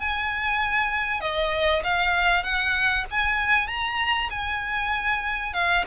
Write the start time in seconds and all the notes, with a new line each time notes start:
0.00 G#5
1.21 D#5
1.84 F5
2.44 F#5
3.11 G#5
3.68 A#5
4.30 G#5
5.54 F5